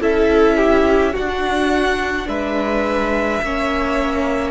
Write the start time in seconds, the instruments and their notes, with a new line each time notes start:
0.00 cello C#4, viola E4, violin A4 E5
0.57 violin G4
1.13 cello D4, viola D4, violin F#4 F#5
2.28 cello G#3, violin B4 E5
3.42 cello A#3, viola C#4, violin C#5